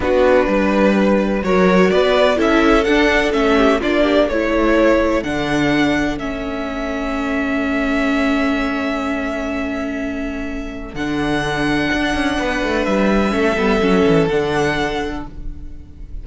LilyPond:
<<
  \new Staff \with { instrumentName = "violin" } { \time 4/4 \tempo 4 = 126 b'2. cis''4 | d''4 e''4 fis''4 e''4 | d''4 cis''2 fis''4~ | fis''4 e''2.~ |
e''1~ | e''2. fis''4~ | fis''2. e''4~ | e''2 fis''2 | }
  \new Staff \with { instrumentName = "violin" } { \time 4/4 fis'4 b'2 ais'4 | b'4 a'2~ a'8 g'8 | f'8 g'8 a'2.~ | a'1~ |
a'1~ | a'1~ | a'2 b'2 | a'1 | }
  \new Staff \with { instrumentName = "viola" } { \time 4/4 d'2. fis'4~ | fis'4 e'4 d'4 cis'4 | d'4 e'2 d'4~ | d'4 cis'2.~ |
cis'1~ | cis'2. d'4~ | d'1 | cis'8 b8 cis'4 d'2 | }
  \new Staff \with { instrumentName = "cello" } { \time 4/4 b4 g2 fis4 | b4 cis'4 d'4 a4 | ais4 a2 d4~ | d4 a2.~ |
a1~ | a2. d4~ | d4 d'8 cis'8 b8 a8 g4 | a8 g8 fis8 e8 d2 | }
>>